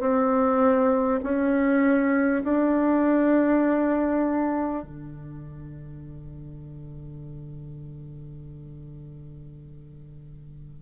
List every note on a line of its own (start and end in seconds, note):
0.00 1.20 C4
1.23 2.43 C#4
2.44 4.83 D4
4.83 10.82 D3